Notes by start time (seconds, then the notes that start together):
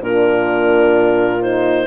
0.00 A#2 D4 F4 A#4
1.42 D#4 C5